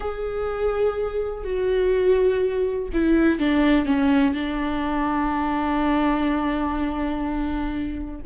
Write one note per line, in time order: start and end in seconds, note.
0.00 1.44 G#4
1.44 2.89 F#4
2.93 3.39 E4
3.39 3.85 D4
3.85 4.34 C#4
4.34 8.21 D4